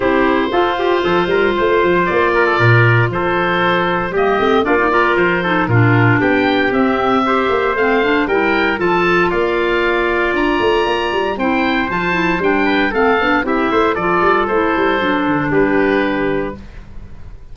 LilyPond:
<<
  \new Staff \with { instrumentName = "oboe" } { \time 4/4 \tempo 4 = 116 c''1 | d''2 c''2 | dis''4 d''4 c''4 ais'4 | g''4 e''2 f''4 |
g''4 a''4 f''2 | ais''2 g''4 a''4 | g''4 f''4 e''4 d''4 | c''2 b'2 | }
  \new Staff \with { instrumentName = "trumpet" } { \time 4/4 g'4 a'8 g'8 a'8 ais'8 c''4~ | c''8 ais'16 a'16 ais'4 a'2 | g'4 f'8 ais'4 a'8 f'4 | g'2 c''2 |
ais'4 a'4 d''2~ | d''2 c''2~ | c''8 b'8 a'4 g'8 c''8 a'4~ | a'2 g'2 | }
  \new Staff \with { instrumentName = "clarinet" } { \time 4/4 e'4 f'2.~ | f'1 | ais8 c'8 d'16 dis'16 f'4 dis'8 d'4~ | d'4 c'4 g'4 c'8 d'8 |
e'4 f'2.~ | f'2 e'4 f'8 e'8 | d'4 c'8 d'8 e'4 f'4 | e'4 d'2. | }
  \new Staff \with { instrumentName = "tuba" } { \time 4/4 c'4 f'4 f8 g8 a8 f8 | ais4 ais,4 f2 | g8 a8 ais4 f4 ais,4 | b4 c'4. ais8 a4 |
g4 f4 ais2 | d'8 a8 ais8 g8 c'4 f4 | g4 a8 b8 c'8 a8 f8 g8 | a8 g8 fis8 d8 g2 | }
>>